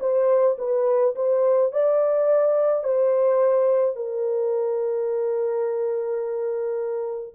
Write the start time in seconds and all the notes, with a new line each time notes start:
0.00 C5
0.58 B4
1.16 C5
1.72 D5
2.84 C5
3.96 A#4